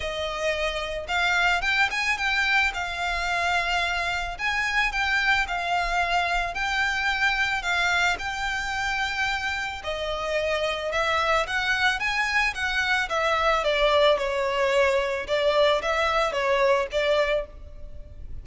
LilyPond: \new Staff \with { instrumentName = "violin" } { \time 4/4 \tempo 4 = 110 dis''2 f''4 g''8 gis''8 | g''4 f''2. | gis''4 g''4 f''2 | g''2 f''4 g''4~ |
g''2 dis''2 | e''4 fis''4 gis''4 fis''4 | e''4 d''4 cis''2 | d''4 e''4 cis''4 d''4 | }